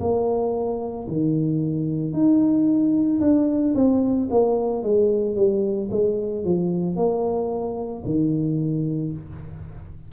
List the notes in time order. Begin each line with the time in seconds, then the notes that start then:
0.00 A#3
1.08 D#3
2.13 D#4
3.20 D4
3.75 C4
4.30 A#3
4.82 G#3
5.35 G3
5.90 G#3
6.44 F3
6.96 A#3
8.05 D#3